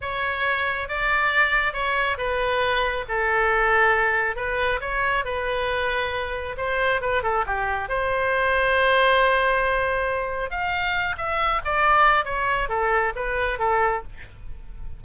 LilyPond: \new Staff \with { instrumentName = "oboe" } { \time 4/4 \tempo 4 = 137 cis''2 d''2 | cis''4 b'2 a'4~ | a'2 b'4 cis''4 | b'2. c''4 |
b'8 a'8 g'4 c''2~ | c''1 | f''4. e''4 d''4. | cis''4 a'4 b'4 a'4 | }